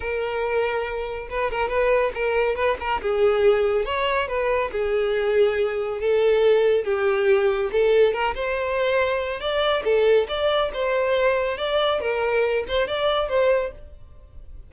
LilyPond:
\new Staff \with { instrumentName = "violin" } { \time 4/4 \tempo 4 = 140 ais'2. b'8 ais'8 | b'4 ais'4 b'8 ais'8 gis'4~ | gis'4 cis''4 b'4 gis'4~ | gis'2 a'2 |
g'2 a'4 ais'8 c''8~ | c''2 d''4 a'4 | d''4 c''2 d''4 | ais'4. c''8 d''4 c''4 | }